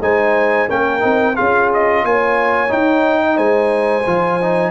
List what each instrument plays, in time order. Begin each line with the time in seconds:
0.00 tuba G#3, trombone D#4, horn C5, trumpet G#5
0.68 tuba A#3, trombone C#4, horn A#4, trumpet G5
1.00 tuba C4, trombone D#4
1.35 tuba C#4, trombone F4, horn G#4, trumpet F5
1.73 trumpet D#5
2.04 tuba A#3, horn C#5, trumpet G#5
2.68 trombone D#4, tuba D#4, trumpet G5
3.22 horn D#5
3.37 tuba G#3, horn C5, trumpet G#5
4.06 tuba F3, trombone F4
4.41 trombone D#4